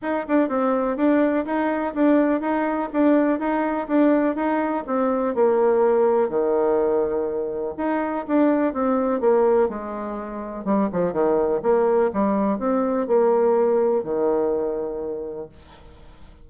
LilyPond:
\new Staff \with { instrumentName = "bassoon" } { \time 4/4 \tempo 4 = 124 dis'8 d'8 c'4 d'4 dis'4 | d'4 dis'4 d'4 dis'4 | d'4 dis'4 c'4 ais4~ | ais4 dis2. |
dis'4 d'4 c'4 ais4 | gis2 g8 f8 dis4 | ais4 g4 c'4 ais4~ | ais4 dis2. | }